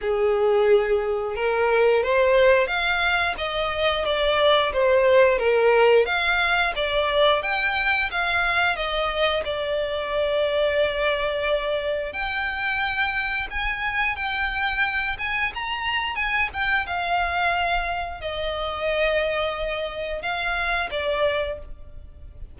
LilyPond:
\new Staff \with { instrumentName = "violin" } { \time 4/4 \tempo 4 = 89 gis'2 ais'4 c''4 | f''4 dis''4 d''4 c''4 | ais'4 f''4 d''4 g''4 | f''4 dis''4 d''2~ |
d''2 g''2 | gis''4 g''4. gis''8 ais''4 | gis''8 g''8 f''2 dis''4~ | dis''2 f''4 d''4 | }